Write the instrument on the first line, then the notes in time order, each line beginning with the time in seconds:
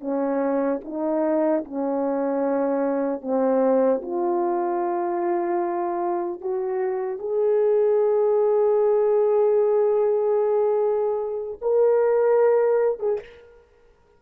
horn
0.00 C#4
0.84 D#4
1.64 C#4
3.21 C4
4.02 F4
6.41 F#4
7.19 G#4
11.61 A#4
12.99 G#4